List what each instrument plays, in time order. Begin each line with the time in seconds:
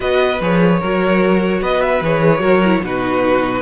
0.00 cello B3, viola F#4, violin B4 D#5
0.40 cello F3, viola G#4, violin C#5
0.79 cello F#3, viola F#4, violin A#4
1.61 cello B3, violin B4 D#5
1.81 violin E5
2.01 cello E3, viola G#4, violin C#5
2.39 cello F#3, viola F#4, violin A#4
2.64 viola E4
2.82 cello B2, viola D#4, violin F#4 B4